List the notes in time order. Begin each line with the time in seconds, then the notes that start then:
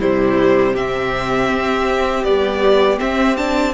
0.00 C3 G3 E4 C5
0.73 C4 G4 E5
1.50 C4
2.24 G3 B3 D5
2.99 C4 E5
3.37 D4 A5